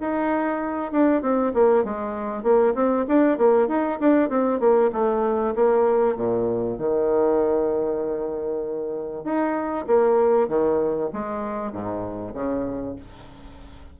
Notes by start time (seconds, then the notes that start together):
0.00 D#4
0.91 D4
1.21 C4
1.54 A#3
1.84 G#3
2.43 A#3
2.74 C4
3.07 D4
3.38 A#3
3.67 D#4
3.99 D4
4.29 C4
4.59 A#3
4.92 A3
5.55 A#3
6.16 A#2
6.78 D#3
9.24 D#4
9.87 A#3
10.48 D#3
11.13 G#3
11.72 G#2
12.34 C#3